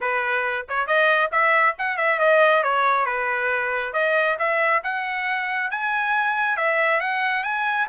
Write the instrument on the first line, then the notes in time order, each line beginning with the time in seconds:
trumpet
0.00 B4
0.68 C#5
0.86 D#5
1.31 E5
1.78 F#5
1.97 E5
2.19 D#5
2.63 C#5
3.05 B4
3.93 D#5
4.38 E5
4.83 F#5
5.70 G#5
6.56 E5
7.00 F#5
7.43 G#5